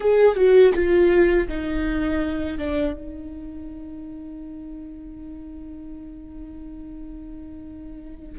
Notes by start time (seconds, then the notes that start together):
0.00 G#4
0.35 F#4
0.74 F4
1.48 D#4
2.57 D4
2.93 D#4